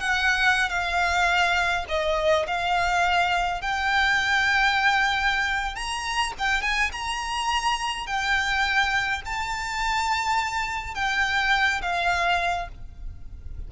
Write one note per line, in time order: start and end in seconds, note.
0.00 0.69 F#5
0.69 1.85 F5
1.88 2.46 D#5
2.47 3.61 F5
3.61 5.75 G5
5.75 6.33 A#5
6.38 6.62 G5
6.62 6.90 G#5
6.92 8.06 A#5
8.06 9.22 G5
9.25 10.95 A5
10.95 11.81 G5
11.81 12.68 F5